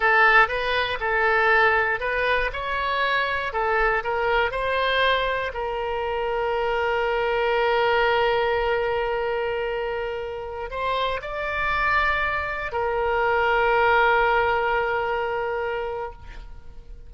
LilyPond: \new Staff \with { instrumentName = "oboe" } { \time 4/4 \tempo 4 = 119 a'4 b'4 a'2 | b'4 cis''2 a'4 | ais'4 c''2 ais'4~ | ais'1~ |
ais'1~ | ais'4~ ais'16 c''4 d''4.~ d''16~ | d''4~ d''16 ais'2~ ais'8.~ | ais'1 | }